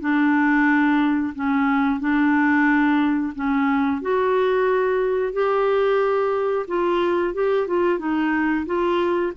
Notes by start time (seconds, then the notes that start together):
0.00 D4
1.35 C#4
2.00 D4
3.35 C#4
4.01 F#4
5.32 G4
6.67 F4
7.34 G4
7.67 F4
7.98 D#4
8.65 F4